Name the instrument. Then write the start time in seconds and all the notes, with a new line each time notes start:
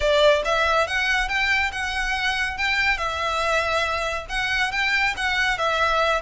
violin
0.00 D5
0.44 E5
0.87 F#5
1.28 G5
1.72 F#5
2.57 G5
2.97 E5
4.29 F#5
4.71 G5
5.16 F#5
5.57 E5